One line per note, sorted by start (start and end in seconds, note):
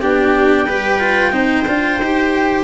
0.00 0.67 B3
0.00 0.67 D4
0.00 0.66 G4
0.00 2.63 G5
0.66 1.32 G3
0.66 0.99 G4
0.66 1.32 B4
0.99 1.31 F4
1.31 1.65 C4
1.31 1.64 D#4
1.31 2.63 C5
1.67 2.00 D4
1.67 2.00 F4
2.00 2.63 D#4
2.00 2.63 G4